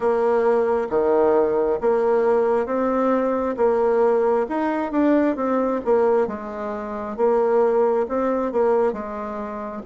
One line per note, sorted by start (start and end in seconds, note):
0.00 0.88 A#3
0.90 1.79 D#3
1.80 2.66 A#3
2.66 3.55 C4
3.57 4.46 A#3
4.49 4.91 D#4
4.91 5.35 D4
5.35 5.80 C4
5.85 6.27 A#3
6.27 7.16 G#3
7.16 8.06 A#3
8.08 8.52 C4
8.52 8.93 A#3
8.93 9.82 G#3